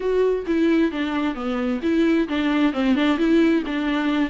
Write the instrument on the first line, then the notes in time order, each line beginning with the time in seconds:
viola
0.00 F#4
0.46 E4
0.91 D4
1.35 B3
1.82 E4
2.28 D4
2.73 C4
2.95 D4
3.17 E4
3.65 D4